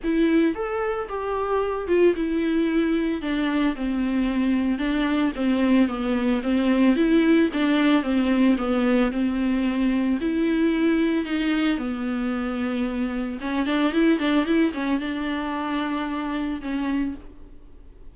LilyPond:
\new Staff \with { instrumentName = "viola" } { \time 4/4 \tempo 4 = 112 e'4 a'4 g'4. f'8 | e'2 d'4 c'4~ | c'4 d'4 c'4 b4 | c'4 e'4 d'4 c'4 |
b4 c'2 e'4~ | e'4 dis'4 b2~ | b4 cis'8 d'8 e'8 d'8 e'8 cis'8 | d'2. cis'4 | }